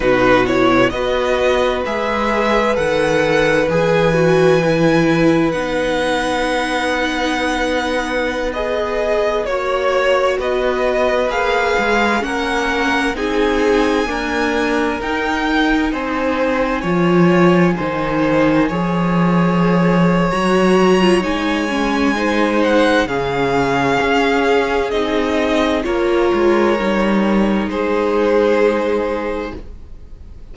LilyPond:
<<
  \new Staff \with { instrumentName = "violin" } { \time 4/4 \tempo 4 = 65 b'8 cis''8 dis''4 e''4 fis''4 | gis''2 fis''2~ | fis''4~ fis''16 dis''4 cis''4 dis''8.~ | dis''16 f''4 fis''4 gis''4.~ gis''16~ |
gis''16 g''4 gis''2~ gis''8.~ | gis''2 ais''4 gis''4~ | gis''8 fis''8 f''2 dis''4 | cis''2 c''2 | }
  \new Staff \with { instrumentName = "violin" } { \time 4/4 fis'4 b'2.~ | b'1~ | b'2~ b'16 cis''4 b'8.~ | b'4~ b'16 ais'4 gis'4 ais'8.~ |
ais'4~ ais'16 c''4 cis''4 c''8.~ | c''16 cis''2.~ cis''8. | c''4 gis'2. | ais'2 gis'2 | }
  \new Staff \with { instrumentName = "viola" } { \time 4/4 dis'8 e'8 fis'4 gis'4 a'4 | gis'8 fis'8 e'4 dis'2~ | dis'4~ dis'16 gis'4 fis'4.~ fis'16~ | fis'16 gis'4 cis'4 dis'4 ais8.~ |
ais16 dis'2 f'4 dis'8.~ | dis'16 gis'4.~ gis'16 fis'8. f'16 dis'8 cis'8 | dis'4 cis'2 dis'4 | f'4 dis'2. | }
  \new Staff \with { instrumentName = "cello" } { \time 4/4 b,4 b4 gis4 dis4 | e2 b2~ | b2~ b16 ais4 b8.~ | b16 ais8 gis8 ais4 c'4 d'8.~ |
d'16 dis'4 c'4 f4 dis8.~ | dis16 f4.~ f16 fis4 gis4~ | gis4 cis4 cis'4 c'4 | ais8 gis8 g4 gis2 | }
>>